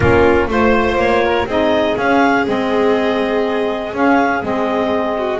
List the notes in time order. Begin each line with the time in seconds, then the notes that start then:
0.00 A#3 C#4 F4 A#4
0.47 A3 F4 C5
0.96 A#3 C#5
1.24 A#4
1.45 C4 D#4 G#4 D#5
1.97 C#4 F5
2.45 G#3 C4 D#5
3.93 C#4 F5
4.41 G#3 C4 D#5
5.18 F#4